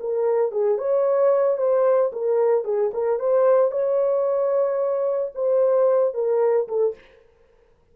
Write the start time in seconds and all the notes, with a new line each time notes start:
0.00 A#4
0.52 G#4
0.78 C#5
1.58 C5
2.12 A#4
2.64 G#4
2.94 A#4
3.19 C5
3.71 C#5
5.35 C5
6.14 A#4
6.68 A4